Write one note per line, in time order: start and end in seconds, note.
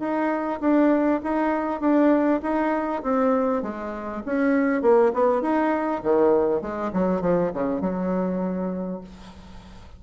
0.00 0.60 D#4
0.61 1.21 D4
1.23 1.81 D#4
1.81 2.41 D4
2.43 3.03 D#4
3.03 3.63 C4
3.63 4.23 G#3
4.26 4.82 C#4
4.82 5.12 A#3
5.14 5.42 B3
5.42 6.02 D#4
6.04 6.62 D#3
6.62 6.92 G#3
6.93 7.21 F#3
7.21 7.51 F3
7.54 7.81 C#3
7.81 9.01 F#3